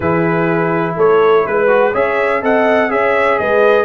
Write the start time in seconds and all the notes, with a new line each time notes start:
0.00 E3 E4 G#4 B4
0.95 A3 A4 C#5
1.46 G#3 B4
1.67 F#4
1.92 C#4 G#4 C#5 E5
2.42 C4 A4 D#5 F#5
2.89 C#4 G#4 C#5 E5
3.38 G#3 B4 D#5